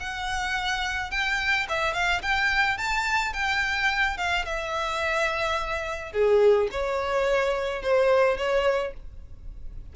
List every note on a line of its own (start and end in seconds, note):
0.00 1.11 F#5
1.11 1.67 G5
1.69 1.94 E5
1.94 2.22 F5
2.22 2.78 G5
2.78 3.33 A5
3.33 4.17 G5
4.17 4.45 F5
4.45 6.12 E5
6.12 6.69 G#4
6.71 7.82 C#5
7.82 8.37 C5
8.37 8.93 C#5